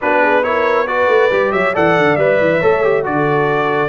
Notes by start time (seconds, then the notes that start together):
0.01 B3 D4 F#4 B4
0.21 G#4
0.43 E4 A#4 C#5
0.87 F#4 B4 D5
1.07 A3
1.31 G3 G4
1.51 F#3 C#5 E5
1.73 E3 A4 D5 F#5
1.97 D3
2.16 G3 B4 E5
2.40 E3
2.59 A3 A4 C#5
2.83 G4
3.03 D3 F#4 A4 D5